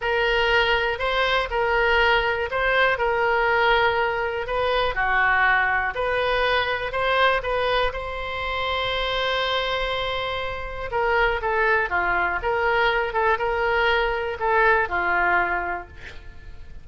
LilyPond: \new Staff \with { instrumentName = "oboe" } { \time 4/4 \tempo 4 = 121 ais'2 c''4 ais'4~ | ais'4 c''4 ais'2~ | ais'4 b'4 fis'2 | b'2 c''4 b'4 |
c''1~ | c''2 ais'4 a'4 | f'4 ais'4. a'8 ais'4~ | ais'4 a'4 f'2 | }